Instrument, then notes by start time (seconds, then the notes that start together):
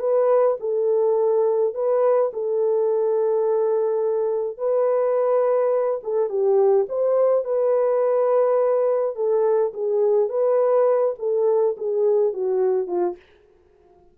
horn
0.00 B4
0.60 A4
1.74 B4
2.33 A4
4.58 B4
6.03 A4
6.29 G4
6.89 C5
7.44 B4
9.16 A4
9.74 G#4
10.29 B4
11.19 A4
11.77 G#4
12.33 F#4
12.88 F4